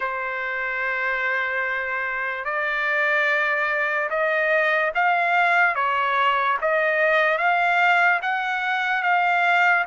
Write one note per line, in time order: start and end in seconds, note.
0.00 2.44 C5
2.44 4.09 D5
4.09 4.92 D#5
4.94 5.75 F5
5.75 6.57 C#5
6.61 7.37 D#5
7.37 8.20 F5
8.22 9.02 F#5
9.02 9.84 F5